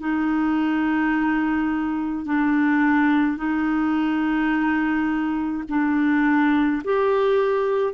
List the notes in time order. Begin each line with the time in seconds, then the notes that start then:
0.00 D#4
2.25 D4
3.37 D#4
5.69 D4
6.84 G4